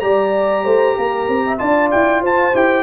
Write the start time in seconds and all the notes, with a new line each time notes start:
0.00 G3 G4 D5 A#5
0.64 A3 C5
0.96 A#3 A#4
1.28 C4
1.46 E5
1.58 D4 F4 D5 A5
1.91 E4 G5
2.22 F4 C5 A5
2.54 E4 G4 G5